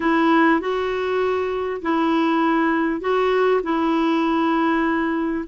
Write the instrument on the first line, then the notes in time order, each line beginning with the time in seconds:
clarinet
0.00 E4
0.60 F#4
1.82 E4
3.00 F#4
3.63 E4